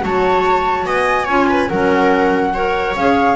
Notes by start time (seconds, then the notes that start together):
0.00 F#3 F#4 C#5 A5
0.86 B3 D#5 G#5
1.25 C#4 F4 C#5
1.49 B4
1.68 F#3 C#4 A#4 F#5
2.54 A#4 C#5
2.95 C#4 G#4 F5